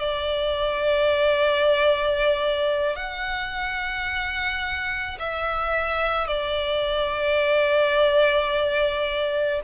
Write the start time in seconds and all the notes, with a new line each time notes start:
0.00 D5
2.96 F#5
5.20 E5
6.28 D5